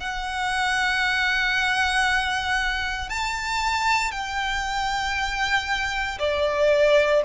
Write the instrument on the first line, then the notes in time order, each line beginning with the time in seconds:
violin
0.00 F#5
3.09 A5
4.11 G5
6.19 D5